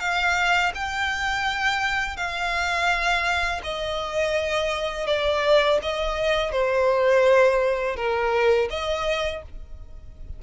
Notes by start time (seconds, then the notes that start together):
0.00 F5
0.75 G5
2.17 F5
3.64 D#5
5.07 D5
5.82 D#5
6.52 C5
7.96 A#4
8.70 D#5